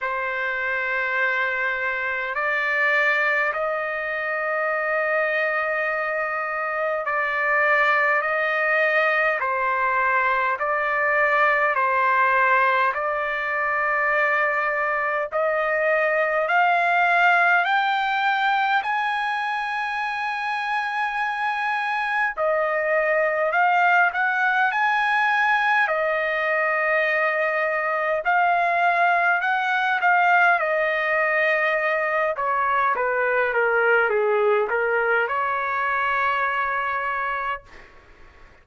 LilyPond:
\new Staff \with { instrumentName = "trumpet" } { \time 4/4 \tempo 4 = 51 c''2 d''4 dis''4~ | dis''2 d''4 dis''4 | c''4 d''4 c''4 d''4~ | d''4 dis''4 f''4 g''4 |
gis''2. dis''4 | f''8 fis''8 gis''4 dis''2 | f''4 fis''8 f''8 dis''4. cis''8 | b'8 ais'8 gis'8 ais'8 cis''2 | }